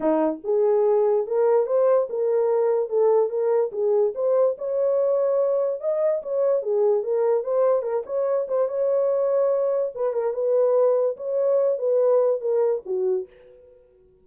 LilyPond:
\new Staff \with { instrumentName = "horn" } { \time 4/4 \tempo 4 = 145 dis'4 gis'2 ais'4 | c''4 ais'2 a'4 | ais'4 gis'4 c''4 cis''4~ | cis''2 dis''4 cis''4 |
gis'4 ais'4 c''4 ais'8 cis''8~ | cis''8 c''8 cis''2. | b'8 ais'8 b'2 cis''4~ | cis''8 b'4. ais'4 fis'4 | }